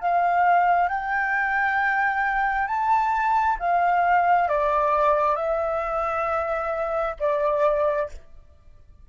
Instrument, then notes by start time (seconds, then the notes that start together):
flute
0.00 F5
0.88 G5
2.67 A5
3.59 F5
4.49 D5
5.36 E5
7.19 D5